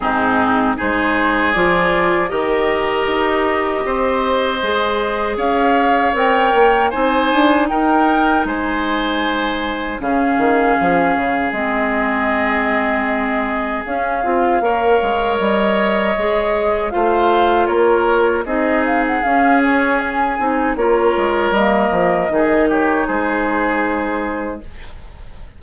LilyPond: <<
  \new Staff \with { instrumentName = "flute" } { \time 4/4 \tempo 4 = 78 gis'4 c''4 d''4 dis''4~ | dis''2. f''4 | g''4 gis''4 g''4 gis''4~ | gis''4 f''2 dis''4~ |
dis''2 f''2 | dis''2 f''4 cis''4 | dis''8 f''16 fis''16 f''8 cis''8 gis''4 cis''4 | dis''4. cis''8 c''2 | }
  \new Staff \with { instrumentName = "oboe" } { \time 4/4 dis'4 gis'2 ais'4~ | ais'4 c''2 cis''4~ | cis''4 c''4 ais'4 c''4~ | c''4 gis'2.~ |
gis'2. cis''4~ | cis''2 c''4 ais'4 | gis'2. ais'4~ | ais'4 gis'8 g'8 gis'2 | }
  \new Staff \with { instrumentName = "clarinet" } { \time 4/4 c'4 dis'4 f'4 g'4~ | g'2 gis'2 | ais'4 dis'2.~ | dis'4 cis'2 c'4~ |
c'2 cis'8 f'8 ais'4~ | ais'4 gis'4 f'2 | dis'4 cis'4. dis'8 f'4 | ais4 dis'2. | }
  \new Staff \with { instrumentName = "bassoon" } { \time 4/4 gis,4 gis4 f4 dis4 | dis'4 c'4 gis4 cis'4 | c'8 ais8 c'8 d'8 dis'4 gis4~ | gis4 cis8 dis8 f8 cis8 gis4~ |
gis2 cis'8 c'8 ais8 gis8 | g4 gis4 a4 ais4 | c'4 cis'4. c'8 ais8 gis8 | g8 f8 dis4 gis2 | }
>>